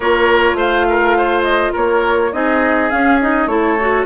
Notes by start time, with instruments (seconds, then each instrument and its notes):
0.00 bassoon A#3, clarinet F4, oboe A#4, flute C#5
0.53 bassoon A3, oboe C5, flute F5
0.89 oboe A#4
1.17 oboe C5
1.43 flute D#5
1.72 bassoon A#3, oboe A#4, flute C#5
2.32 bassoon C4, clarinet D#4, oboe G#4, flute D#5
2.89 clarinet C#4, bassoon C#4, flute F5
3.21 clarinet D#4, flute D#5
3.46 bassoon A3, clarinet E4, oboe A4, flute C#5
3.79 clarinet F#4